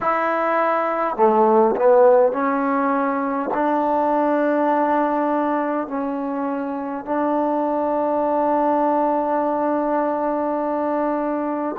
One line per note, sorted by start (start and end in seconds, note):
0.00 1.16 E4
1.16 1.75 A3
1.76 2.32 B3
2.32 3.50 C#4
3.53 5.87 D4
5.87 7.05 C#4
7.05 11.75 D4